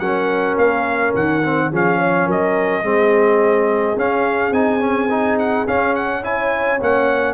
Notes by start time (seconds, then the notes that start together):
0.00 F#3 C#4 A#4 F#5
0.57 A#3 F5
1.15 D#3 F#5
1.44 C4
1.71 F3 C#4 G#4 F5
1.99 C#5
2.27 F#3 A#4 D#5
2.83 G#3 C4 G#4
3.96 C#4 F5
4.51 C4 D#4 G#5
4.81 C#4
5.10 D#4
5.39 F#5
5.68 C#4 F5
5.96 F#5
6.23 E4 C#5 G#5
6.82 A#3 C#4 F#5